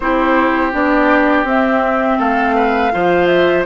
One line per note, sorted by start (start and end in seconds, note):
0.00 0.73 C4
0.00 0.72 E4
0.00 2.18 G4
0.00 0.72 C5
0.72 1.44 B3
0.72 1.45 D4
0.72 1.46 D5
1.44 2.17 C4
1.44 2.91 C4
1.44 2.19 E5
2.18 2.92 A3
2.18 2.55 A4
2.18 3.27 F5
2.55 2.91 B4
2.92 3.66 F3
2.92 3.65 F4
2.92 3.66 C5
3.27 3.63 E5